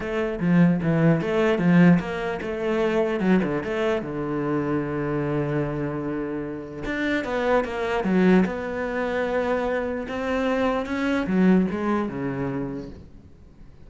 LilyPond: \new Staff \with { instrumentName = "cello" } { \time 4/4 \tempo 4 = 149 a4 f4 e4 a4 | f4 ais4 a2 | fis8 d8 a4 d2~ | d1~ |
d4 d'4 b4 ais4 | fis4 b2.~ | b4 c'2 cis'4 | fis4 gis4 cis2 | }